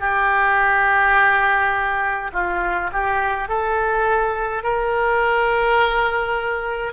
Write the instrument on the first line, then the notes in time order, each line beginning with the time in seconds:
oboe
0.00 G4
2.33 F4
2.93 G4
3.48 A4
4.63 A#4